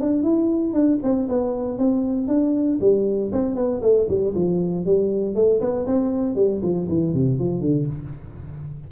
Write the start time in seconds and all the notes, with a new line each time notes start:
0.00 D4
0.23 E4
0.73 D4
1.03 C4
1.29 B3
1.78 C4
2.27 D4
2.81 G3
3.32 C4
3.55 B3
3.82 A3
4.09 G3
4.35 F3
4.85 G3
5.35 A3
5.60 B3
5.86 C4
6.35 G3
6.62 F3
6.89 E3
7.13 C3
7.39 F3
7.61 D3